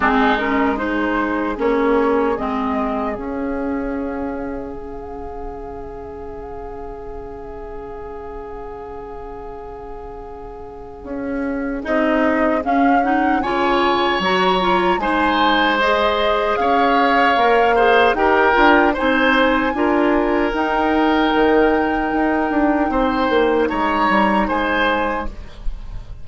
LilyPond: <<
  \new Staff \with { instrumentName = "flute" } { \time 4/4 \tempo 4 = 76 gis'8 ais'8 c''4 cis''4 dis''4 | f''1~ | f''1~ | f''2. dis''4 |
f''8 fis''8 gis''4 ais''4 gis''4 | dis''4 f''2 g''4 | gis''2 g''2~ | g''2 ais''4 gis''4 | }
  \new Staff \with { instrumentName = "oboe" } { \time 4/4 dis'4 gis'2.~ | gis'1~ | gis'1~ | gis'1~ |
gis'4 cis''2 c''4~ | c''4 cis''4. c''8 ais'4 | c''4 ais'2.~ | ais'4 c''4 cis''4 c''4 | }
  \new Staff \with { instrumentName = "clarinet" } { \time 4/4 c'8 cis'8 dis'4 cis'4 c'4 | cis'1~ | cis'1~ | cis'2. dis'4 |
cis'8 dis'8 f'4 fis'8 f'8 dis'4 | gis'2 ais'8 gis'8 g'8 f'8 | dis'4 f'4 dis'2~ | dis'1 | }
  \new Staff \with { instrumentName = "bassoon" } { \time 4/4 gis2 ais4 gis4 | cis'2 cis2~ | cis1~ | cis2 cis'4 c'4 |
cis'4 cis4 fis4 gis4~ | gis4 cis'4 ais4 dis'8 d'8 | c'4 d'4 dis'4 dis4 | dis'8 d'8 c'8 ais8 gis8 g8 gis4 | }
>>